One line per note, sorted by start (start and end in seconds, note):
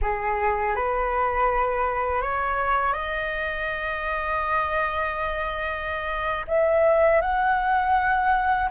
0.01 0.75 G#4
0.75 2.21 B4
2.21 2.93 C#5
2.93 6.45 D#5
6.47 7.21 E5
7.21 8.69 F#5